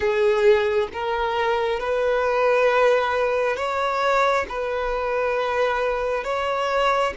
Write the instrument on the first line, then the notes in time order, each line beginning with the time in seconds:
violin
0.00 G#4
0.92 A#4
1.79 B4
3.56 C#5
4.49 B4
6.24 C#5